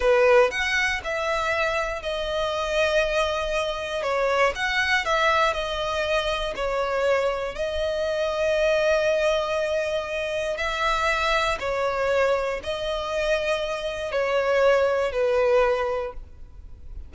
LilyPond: \new Staff \with { instrumentName = "violin" } { \time 4/4 \tempo 4 = 119 b'4 fis''4 e''2 | dis''1 | cis''4 fis''4 e''4 dis''4~ | dis''4 cis''2 dis''4~ |
dis''1~ | dis''4 e''2 cis''4~ | cis''4 dis''2. | cis''2 b'2 | }